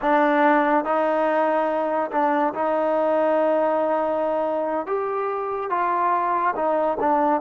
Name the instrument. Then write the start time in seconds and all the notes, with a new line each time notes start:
trombone
0.01 D4
0.84 D#4
2.11 D4
2.54 D#4
4.86 G4
5.70 F4
6.55 D#4
6.99 D4